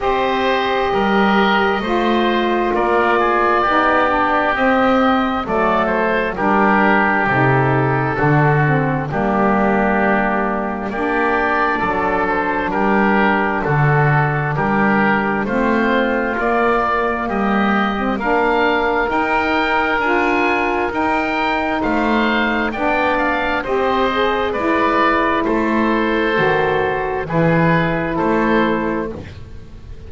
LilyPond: <<
  \new Staff \with { instrumentName = "oboe" } { \time 4/4 \tempo 4 = 66 dis''2. d''4~ | d''4 dis''4 d''8 c''8 ais'4 | a'2 g'2 | d''4. c''8 ais'4 a'4 |
ais'4 c''4 d''4 dis''4 | f''4 g''4 gis''4 g''4 | f''4 g''8 f''8 dis''4 d''4 | c''2 b'4 c''4 | }
  \new Staff \with { instrumentName = "oboe" } { \time 4/4 c''4 ais'4 c''4 ais'8 gis'8 | g'2 a'4 g'4~ | g'4 fis'4 d'2 | g'4 a'4 g'4 fis'4 |
g'4 f'2 g'4 | ais'1 | c''4 d''4 c''4 b'4 | a'2 gis'4 a'4 | }
  \new Staff \with { instrumentName = "saxophone" } { \time 4/4 g'2 f'2 | dis'8 d'8 c'4 a4 d'4 | dis'4 d'8 c'8 ais2 | d'1~ |
d'4 c'4 ais4.~ ais16 c'16 | d'4 dis'4 f'4 dis'4~ | dis'4 d'4 g'8 gis'8 e'4~ | e'4 fis'4 e'2 | }
  \new Staff \with { instrumentName = "double bass" } { \time 4/4 c'4 g4 a4 ais4 | b4 c'4 fis4 g4 | c4 d4 g2 | ais4 fis4 g4 d4 |
g4 a4 ais4 g4 | ais4 dis'4 d'4 dis'4 | a4 b4 c'4 gis4 | a4 dis4 e4 a4 | }
>>